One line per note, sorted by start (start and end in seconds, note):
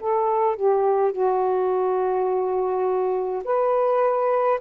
0.00 0.56 A4
0.56 1.12 G4
1.12 3.42 F#4
3.45 4.60 B4